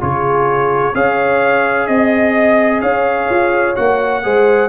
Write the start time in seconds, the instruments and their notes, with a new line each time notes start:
0.00 tuba C#3, trombone F4, horn G#4, trumpet C#5
0.94 tuba C#4, trombone G#4, horn C#5, trumpet F5
1.87 tuba C4, trumpet D#5, horn D#5
2.81 tuba C#4, horn C#5, trumpet F5
3.29 tuba F4
3.75 tuba A#3, trombone F#4, trumpet F#5
4.23 tuba G#3, trombone G#4, horn C5